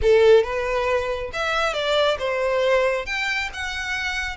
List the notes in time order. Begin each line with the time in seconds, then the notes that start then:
0.02 A4
0.43 B4
1.33 E5
1.73 D5
2.18 C5
3.06 G5
3.53 F#5